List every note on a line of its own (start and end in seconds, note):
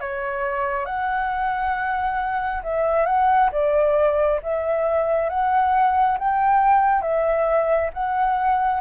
0.00 0.85 C#5
0.85 2.62 F#5
2.63 3.06 E5
3.06 3.50 F#5
3.52 4.40 D5
4.42 5.29 E5
5.29 6.18 F#5
6.18 7.01 G5
7.01 7.90 E5
7.93 8.80 F#5